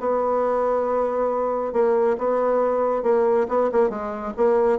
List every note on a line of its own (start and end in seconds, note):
0.00 1.73 B3
1.73 2.17 A#3
2.18 3.03 B3
3.03 3.47 A#3
3.48 3.70 B3
3.72 3.90 A#3
3.90 4.33 G#3
4.37 4.79 A#3